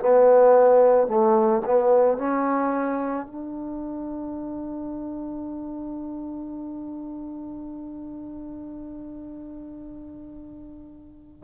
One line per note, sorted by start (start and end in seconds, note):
0.00 1.08 B3
1.08 1.63 A3
1.65 2.18 B3
2.18 3.27 C#4
3.27 11.44 D4